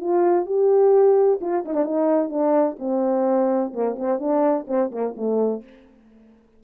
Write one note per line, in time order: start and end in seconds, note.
0.00 0.46 F4
0.46 1.40 G4
1.41 1.64 F4
1.65 1.74 D#4
1.74 1.85 D4
1.85 2.29 D#4
2.29 2.76 D4
2.79 3.73 C4
3.73 3.97 A#3
3.98 4.19 C4
4.19 4.66 D4
4.67 4.91 C4
4.91 5.15 A#3
5.16 5.63 A3